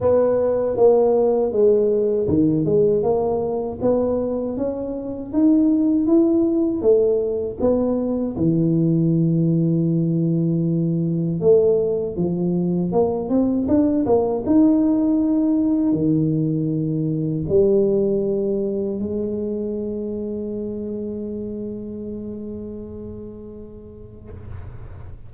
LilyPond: \new Staff \with { instrumentName = "tuba" } { \time 4/4 \tempo 4 = 79 b4 ais4 gis4 dis8 gis8 | ais4 b4 cis'4 dis'4 | e'4 a4 b4 e4~ | e2. a4 |
f4 ais8 c'8 d'8 ais8 dis'4~ | dis'4 dis2 g4~ | g4 gis2.~ | gis1 | }